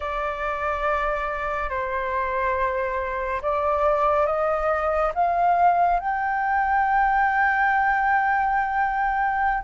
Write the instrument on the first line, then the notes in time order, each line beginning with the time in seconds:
flute
0.00 D5
1.69 C5
3.42 D5
4.26 D#5
5.14 F5
5.99 G5